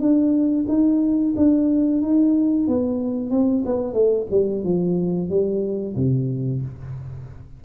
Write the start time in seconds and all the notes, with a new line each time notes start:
0.00 D4
0.69 D#4
1.36 D4
2.02 D#4
2.68 B3
3.31 C4
3.66 B3
3.94 A3
4.31 G3
4.64 F3
5.30 G3
5.96 C3